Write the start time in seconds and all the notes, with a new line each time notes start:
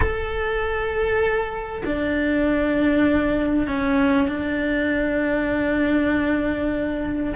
0.00 A4
1.85 D4
3.67 C#4
4.28 D4